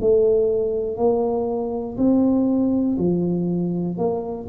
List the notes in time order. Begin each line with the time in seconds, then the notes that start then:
0.00 A3
0.97 A#3
1.97 C4
2.98 F3
3.97 A#3